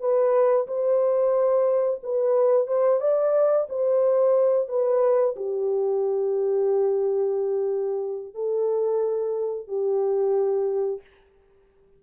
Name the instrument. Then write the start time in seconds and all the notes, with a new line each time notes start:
horn
0.00 B4
0.67 C5
2.03 B4
2.67 C5
3.00 D5
3.69 C5
4.68 B4
5.36 G4
8.34 A4
9.68 G4